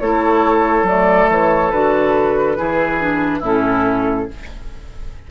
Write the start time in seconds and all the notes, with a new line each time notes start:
0.00 A3 E4 A4 C#5
0.82 F#3 A3 D5
1.29 E3 C#5
1.70 D3 F#4 B4
2.56 E3 E4 G#4
2.99 D4
3.39 A2 C#4 E4 A4